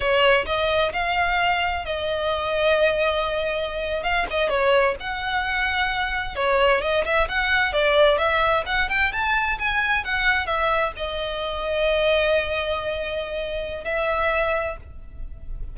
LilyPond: \new Staff \with { instrumentName = "violin" } { \time 4/4 \tempo 4 = 130 cis''4 dis''4 f''2 | dis''1~ | dis''8. f''8 dis''8 cis''4 fis''4~ fis''16~ | fis''4.~ fis''16 cis''4 dis''8 e''8 fis''16~ |
fis''8. d''4 e''4 fis''8 g''8 a''16~ | a''8. gis''4 fis''4 e''4 dis''16~ | dis''1~ | dis''2 e''2 | }